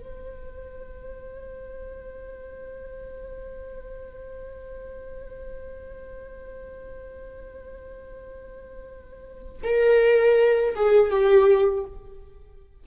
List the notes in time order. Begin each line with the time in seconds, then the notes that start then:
0.00 C5
9.64 A#4
10.76 G#4
11.11 G4